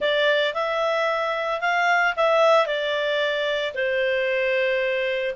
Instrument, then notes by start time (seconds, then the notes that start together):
clarinet
0.00 D5
0.54 E5
1.60 F5
2.16 E5
2.66 D5
3.74 C5